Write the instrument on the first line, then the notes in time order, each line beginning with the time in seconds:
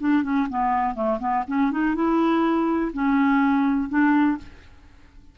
clarinet
0.00 D4
0.23 C#4
0.50 B3
0.95 A3
1.20 B3
1.48 C#4
1.72 D#4
1.95 E4
2.93 C#4
3.89 D4